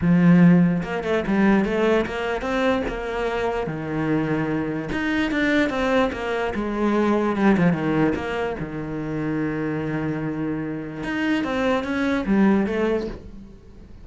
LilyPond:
\new Staff \with { instrumentName = "cello" } { \time 4/4 \tempo 4 = 147 f2 ais8 a8 g4 | a4 ais4 c'4 ais4~ | ais4 dis2. | dis'4 d'4 c'4 ais4 |
gis2 g8 f8 dis4 | ais4 dis2.~ | dis2. dis'4 | c'4 cis'4 g4 a4 | }